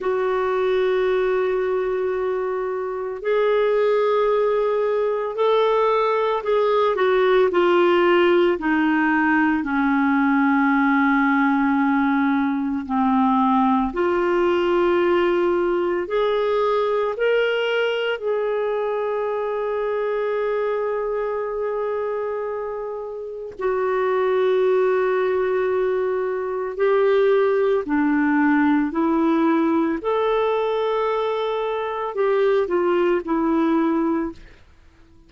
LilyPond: \new Staff \with { instrumentName = "clarinet" } { \time 4/4 \tempo 4 = 56 fis'2. gis'4~ | gis'4 a'4 gis'8 fis'8 f'4 | dis'4 cis'2. | c'4 f'2 gis'4 |
ais'4 gis'2.~ | gis'2 fis'2~ | fis'4 g'4 d'4 e'4 | a'2 g'8 f'8 e'4 | }